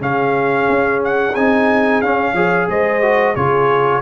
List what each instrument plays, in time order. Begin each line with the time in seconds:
0.00 tuba C#3, trombone C#4, horn G#4, trumpet F5
0.69 tuba C#4
1.04 trumpet F#5
1.35 tuba C4, trombone D#4, trumpet G#5
2.01 tuba C#4, trombone C#4, trumpet F5
2.33 tuba F3, trombone G#4, horn C#5
2.68 tuba G#3, horn C5, trumpet D#5
3.02 trombone F#4
3.35 tuba C#3, trombone F4, horn G#4, trumpet C#5